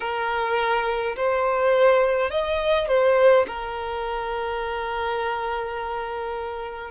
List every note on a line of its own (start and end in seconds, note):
0.00 1.15 A#4
1.16 2.30 C5
2.30 2.87 D#5
2.88 3.46 C5
3.47 6.91 A#4